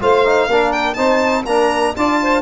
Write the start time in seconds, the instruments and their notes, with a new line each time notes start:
0.00 tuba A3, trombone F4, saxophone C5, violin F5
0.25 trombone D#4
0.47 tuba A#3, trombone D4, saxophone A#4
0.72 violin G5
0.93 tuba C4, trombone D#4, saxophone C5, violin A5
1.45 tuba A#3, trombone D4, saxophone A#4, violin A#5
1.96 tuba D4, trombone F4, saxophone D5, violin A5
2.22 saxophone C5